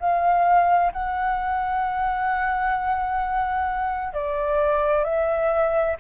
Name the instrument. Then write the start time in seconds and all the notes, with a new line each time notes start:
flute
0.00 F5
0.93 F#5
4.14 D5
5.04 E5